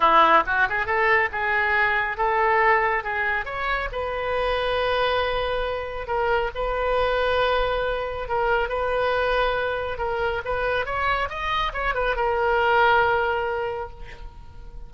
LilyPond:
\new Staff \with { instrumentName = "oboe" } { \time 4/4 \tempo 4 = 138 e'4 fis'8 gis'8 a'4 gis'4~ | gis'4 a'2 gis'4 | cis''4 b'2.~ | b'2 ais'4 b'4~ |
b'2. ais'4 | b'2. ais'4 | b'4 cis''4 dis''4 cis''8 b'8 | ais'1 | }